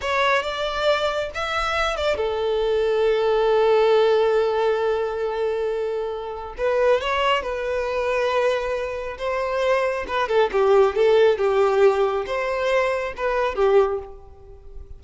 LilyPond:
\new Staff \with { instrumentName = "violin" } { \time 4/4 \tempo 4 = 137 cis''4 d''2 e''4~ | e''8 d''8 a'2.~ | a'1~ | a'2. b'4 |
cis''4 b'2.~ | b'4 c''2 b'8 a'8 | g'4 a'4 g'2 | c''2 b'4 g'4 | }